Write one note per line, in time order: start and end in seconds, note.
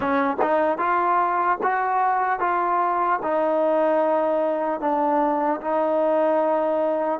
0.00 0.36 C#4
0.41 0.78 D#4
0.78 1.58 F4
1.62 2.39 F#4
2.39 3.19 F4
3.22 4.80 D#4
4.80 5.60 D4
5.61 7.20 D#4